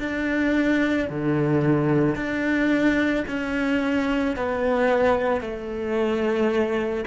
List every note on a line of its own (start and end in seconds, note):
0.00 1.09 D4
1.10 2.16 D3
2.16 3.25 D4
3.28 4.37 C#4
4.37 5.41 B3
5.41 7.05 A3